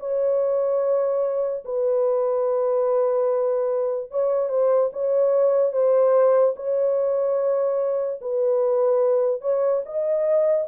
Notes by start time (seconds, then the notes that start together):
0.00 C#5
1.65 B4
4.11 C#5
4.49 C5
4.93 C#5
5.72 C5
6.56 C#5
8.22 B4
9.41 C#5
9.86 D#5